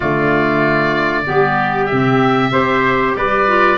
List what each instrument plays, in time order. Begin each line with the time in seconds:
0.00 tuba D3, clarinet A3, trumpet F4, oboe D5
1.26 tuba G3, clarinet B3, trumpet G4
1.85 tuba C3, oboe E5
1.92 clarinet C4
2.51 tuba C4, clarinet G4, trumpet C5
3.15 tuba G3, trumpet B4, oboe D5
3.47 clarinet F4